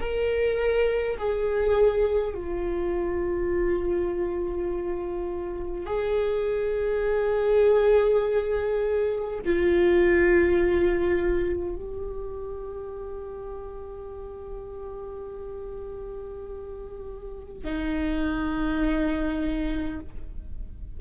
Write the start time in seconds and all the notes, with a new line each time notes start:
0.00 A#4
1.18 G#4
2.34 F4
5.86 G#4
9.45 F4
11.76 G4
17.64 D#4